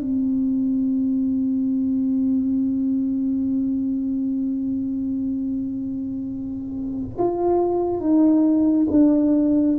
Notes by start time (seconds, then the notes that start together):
0.00 C4
7.18 F4
8.00 D#4
8.91 D4